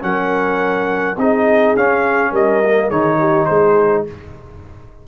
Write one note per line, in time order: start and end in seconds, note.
0.00 1.17 F#3
0.00 1.15 C#4
0.00 1.19 A#4
0.00 1.18 F#5
1.17 1.74 C4
1.17 1.77 D#4
1.17 2.31 G#4
1.17 1.76 D#5
1.76 2.31 C#4
1.76 2.63 C#4
1.76 2.34 F5
2.31 2.89 G3
2.31 2.87 A#4
2.31 2.90 D#5
2.64 2.91 A#3
2.87 3.49 D#3
2.87 4.07 D#4
2.87 3.16 G#4
2.87 3.45 C#5
3.19 3.48 G4
3.45 4.07 G#3
3.45 4.05 G#4
3.45 4.03 C5